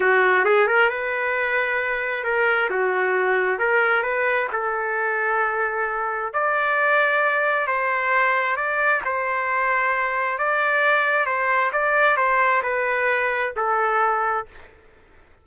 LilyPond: \new Staff \with { instrumentName = "trumpet" } { \time 4/4 \tempo 4 = 133 fis'4 gis'8 ais'8 b'2~ | b'4 ais'4 fis'2 | ais'4 b'4 a'2~ | a'2 d''2~ |
d''4 c''2 d''4 | c''2. d''4~ | d''4 c''4 d''4 c''4 | b'2 a'2 | }